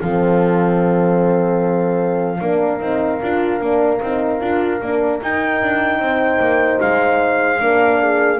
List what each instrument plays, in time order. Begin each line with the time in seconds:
0.00 double bass F3, horn C4 A4, trumpet F5
2.41 double bass A#3, horn D4 A#4
2.79 double bass C4, horn D#4
3.22 double bass D4, horn F4
3.60 double bass A#3, horn D4
4.02 double bass C4, horn D#4
4.40 double bass D4, horn F4
4.81 double bass A#3, horn D4
5.22 double bass D#4, horn D#4, trumpet G5
5.62 double bass D4
5.99 double bass C4, horn C5
6.40 double bass A#3
6.81 double bass G#3, trumpet F5
7.60 double bass A#3, horn D4 A#4
8.01 horn G#4